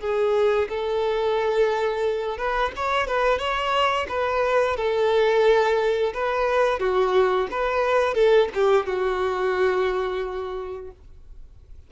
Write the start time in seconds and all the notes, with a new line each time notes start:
0.00 G#4
0.69 A4
2.38 B4
2.76 C#5
3.07 B4
3.38 C#5
4.09 B4
4.77 A4
6.14 B4
6.79 F#4
7.51 B4
8.14 A4
8.54 G4
8.86 F#4